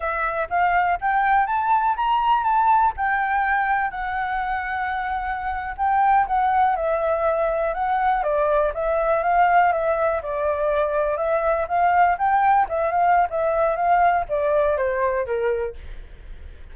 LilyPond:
\new Staff \with { instrumentName = "flute" } { \time 4/4 \tempo 4 = 122 e''4 f''4 g''4 a''4 | ais''4 a''4 g''2 | fis''2.~ fis''8. g''16~ | g''8. fis''4 e''2 fis''16~ |
fis''8. d''4 e''4 f''4 e''16~ | e''8. d''2 e''4 f''16~ | f''8. g''4 e''8 f''8. e''4 | f''4 d''4 c''4 ais'4 | }